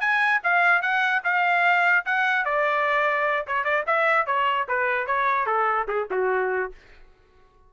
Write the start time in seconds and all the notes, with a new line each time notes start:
0.00 G#5
0.43 F5
0.82 F#5
1.24 F5
2.05 F#5
2.45 D5
3.47 C#5
3.64 D5
3.87 E5
4.26 C#5
4.68 B4
5.07 C#5
5.46 A4
5.87 G#4
6.11 F#4